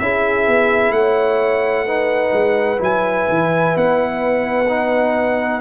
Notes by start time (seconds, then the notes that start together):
0.00 C#4 E4 G#4 E5
0.48 B3
0.91 A3 C#5 F#5
1.86 D#4 B4
2.32 G#3
2.78 F#3 E4 G#5
3.29 E3
3.77 B3 F#5
4.69 D#4